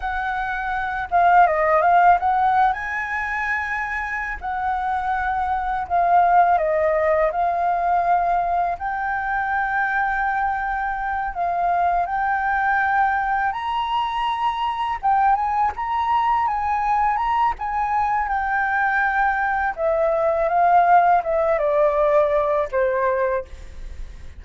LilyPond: \new Staff \with { instrumentName = "flute" } { \time 4/4 \tempo 4 = 82 fis''4. f''8 dis''8 f''8 fis''8. gis''16~ | gis''2 fis''2 | f''4 dis''4 f''2 | g''2.~ g''8 f''8~ |
f''8 g''2 ais''4.~ | ais''8 g''8 gis''8 ais''4 gis''4 ais''8 | gis''4 g''2 e''4 | f''4 e''8 d''4. c''4 | }